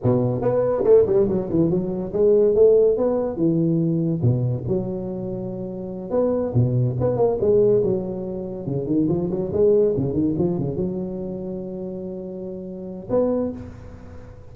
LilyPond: \new Staff \with { instrumentName = "tuba" } { \time 4/4 \tempo 4 = 142 b,4 b4 a8 g8 fis8 e8 | fis4 gis4 a4 b4 | e2 b,4 fis4~ | fis2~ fis8 b4 b,8~ |
b,8 b8 ais8 gis4 fis4.~ | fis8 cis8 dis8 f8 fis8 gis4 cis8 | dis8 f8 cis8 fis2~ fis8~ | fis2. b4 | }